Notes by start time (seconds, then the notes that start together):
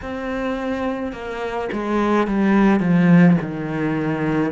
0.02 C4
1.12 A#3
1.72 G#3
2.26 G3
2.80 F3
3.41 D#3